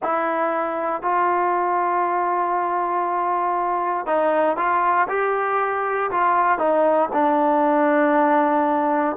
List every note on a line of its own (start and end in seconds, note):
0.02 1.02 E4
1.02 4.06 F4
4.06 4.56 D#4
4.56 5.07 F4
5.08 6.10 G4
6.10 6.58 F4
6.58 7.09 D#4
7.12 9.16 D4